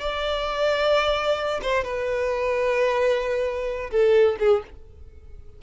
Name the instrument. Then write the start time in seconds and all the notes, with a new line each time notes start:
violin
0.00 D5
1.62 C5
1.84 B4
3.91 A4
4.39 G#4